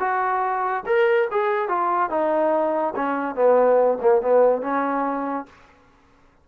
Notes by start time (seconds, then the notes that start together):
0.00 F#4
0.86 A#4
1.31 G#4
1.69 F4
2.10 D#4
2.96 C#4
3.35 B3
4.02 A#3
4.22 B3
4.62 C#4